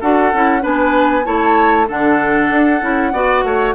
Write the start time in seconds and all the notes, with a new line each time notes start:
0.00 D4 F#4 A4 F#5
0.33 C#4 E4
0.60 B3 D4 B4 G#5
1.24 A3 E4 C#5 A5
1.87 D3 D4 A4 F#5
2.49 D4
2.81 C#4 E4
3.12 B3 F#4 D5
3.43 A3 C#5